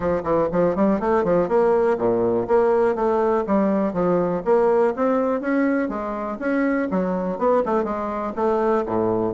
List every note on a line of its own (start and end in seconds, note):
0.00 0.22 F3
0.23 0.48 E3
0.52 0.75 F3
0.75 1.00 G3
1.00 1.24 A3
1.24 1.48 F3
1.48 1.97 A#3
1.98 2.47 A#2
2.47 2.95 A#3
2.95 3.44 A3
3.46 3.93 G3
3.93 4.42 F3
4.44 4.94 A#3
4.96 5.40 C4
5.40 5.88 C#4
5.88 6.38 G#3
6.39 6.88 C#4
6.90 7.38 F#3
7.38 7.62 B3
7.65 7.84 A3
7.84 8.33 G#3
8.35 8.84 A3
8.85 9.34 A2